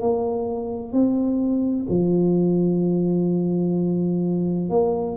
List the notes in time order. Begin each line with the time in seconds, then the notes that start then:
0.00 A#3
0.92 C4
1.89 F3
4.69 A#3